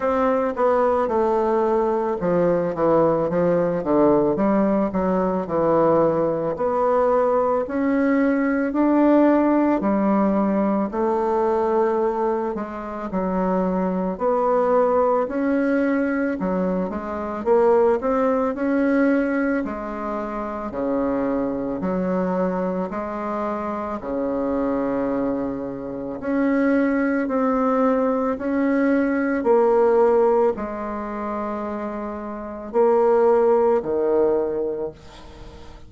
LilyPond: \new Staff \with { instrumentName = "bassoon" } { \time 4/4 \tempo 4 = 55 c'8 b8 a4 f8 e8 f8 d8 | g8 fis8 e4 b4 cis'4 | d'4 g4 a4. gis8 | fis4 b4 cis'4 fis8 gis8 |
ais8 c'8 cis'4 gis4 cis4 | fis4 gis4 cis2 | cis'4 c'4 cis'4 ais4 | gis2 ais4 dis4 | }